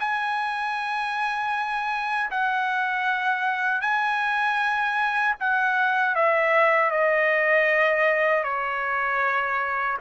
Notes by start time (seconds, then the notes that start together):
0.00 G#5
2.31 F#5
3.82 G#5
5.40 F#5
6.16 E5
6.91 D#5
8.44 C#5